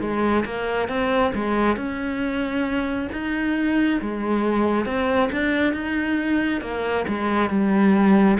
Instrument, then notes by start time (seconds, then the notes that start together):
cello
0.00 G#3
0.45 A#3
0.88 C4
1.34 G#3
1.76 C#4
3.12 D#4
4.01 G#3
4.85 C4
5.32 D4
5.73 D#4
6.61 A#3
7.07 G#3
7.49 G3